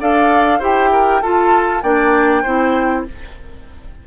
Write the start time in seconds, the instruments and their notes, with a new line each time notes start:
0.00 bassoon D4, clarinet A4, oboe D5, flute F5
0.59 bassoon E4, clarinet G4, oboe C5, flute G5
0.92 oboe A#4
1.22 bassoon F4, clarinet F4, oboe A4, flute A5
1.83 bassoon A#3, clarinet D4, oboe D5, flute G5
2.43 bassoon C4, clarinet E4, oboe C5